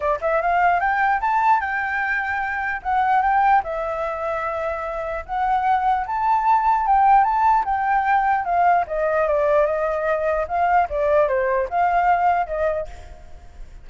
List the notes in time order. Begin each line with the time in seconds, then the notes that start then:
0.00 D5
0.21 E5
0.41 F5
0.80 G5
1.20 A5
1.60 G5
2.82 F#5
3.21 G5
3.63 E5
5.25 F#5
6.06 A5
6.86 G5
7.24 A5
7.65 G5
8.44 F5
8.87 D#5
9.27 D5
9.66 D#5
10.48 F5
10.89 D5
11.28 C5
11.69 F5
12.46 D#5